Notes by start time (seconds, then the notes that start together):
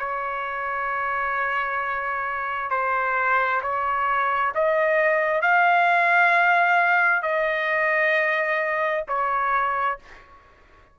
0.00 C#5
2.71 C5
3.62 C#5
4.55 D#5
5.42 F5
7.23 D#5
9.08 C#5